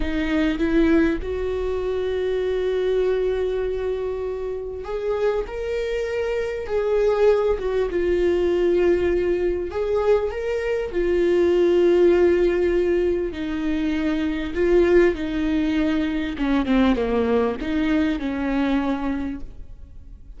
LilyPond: \new Staff \with { instrumentName = "viola" } { \time 4/4 \tempo 4 = 99 dis'4 e'4 fis'2~ | fis'1 | gis'4 ais'2 gis'4~ | gis'8 fis'8 f'2. |
gis'4 ais'4 f'2~ | f'2 dis'2 | f'4 dis'2 cis'8 c'8 | ais4 dis'4 cis'2 | }